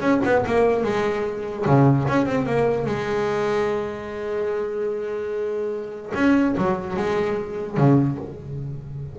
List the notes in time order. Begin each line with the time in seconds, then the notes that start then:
0.00 C#4
0.24 B3
0.46 A#3
0.83 G#3
1.65 C#3
2.07 C#4
2.26 C4
2.46 A#3
2.86 G#3
6.14 C#4
6.57 F#3
6.96 G#3
7.77 C#3